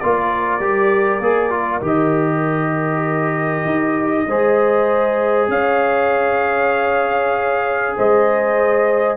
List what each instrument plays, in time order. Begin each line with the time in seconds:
0.00 tuba A#3, trombone F4, horn A#4, trumpet D5
0.61 tuba G3, trombone G4
1.21 tuba A#3, trombone G#4
1.51 trombone F4
1.82 tuba D#3, trombone G4, trumpet D#5
3.66 tuba D#4
4.27 tuba G#3, trombone G#4, horn C5
5.48 tuba C#4, horn C#5, trumpet F5
7.97 tuba G#3, horn C5, trumpet D#5